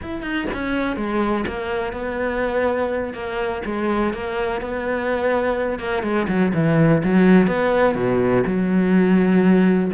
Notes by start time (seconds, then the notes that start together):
0.02 E4
0.22 D#4
0.53 C#4
0.96 G#3
1.47 A#3
1.92 B3
3.13 A#3
3.65 G#3
4.13 A#3
4.61 B3
5.79 A#3
6.02 G#3
6.28 F#3
6.53 E3
7.03 F#3
7.47 B3
7.95 B2
8.46 F#3